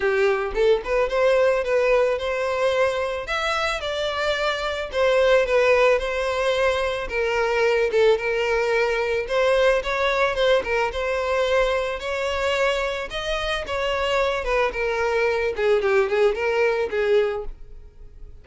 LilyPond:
\new Staff \with { instrumentName = "violin" } { \time 4/4 \tempo 4 = 110 g'4 a'8 b'8 c''4 b'4 | c''2 e''4 d''4~ | d''4 c''4 b'4 c''4~ | c''4 ais'4. a'8 ais'4~ |
ais'4 c''4 cis''4 c''8 ais'8 | c''2 cis''2 | dis''4 cis''4. b'8 ais'4~ | ais'8 gis'8 g'8 gis'8 ais'4 gis'4 | }